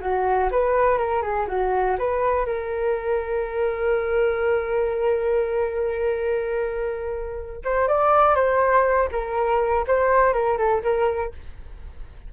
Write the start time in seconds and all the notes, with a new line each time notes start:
0.00 F#4
0.51 B4
0.97 A#4
1.21 G#4
1.47 F#4
1.98 B4
2.45 A#4
7.64 C5
7.88 D5
8.35 C5
9.11 A#4
9.87 C5
10.33 A#4
10.57 A4
10.82 A#4